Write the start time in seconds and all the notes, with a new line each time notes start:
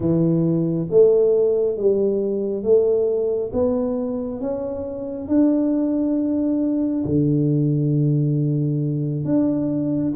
0.00 E3
0.90 A3
1.76 G3
2.63 A3
3.52 B3
4.40 C#4
5.28 D4
7.05 D3
9.24 D4